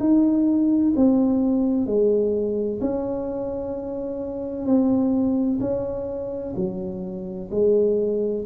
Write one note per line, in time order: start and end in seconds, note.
0.00 0.94 D#4
0.96 1.87 C4
1.87 2.80 G#3
2.81 4.66 C#4
4.66 5.60 C4
5.61 6.55 C#4
6.56 7.50 F#3
7.51 8.45 G#3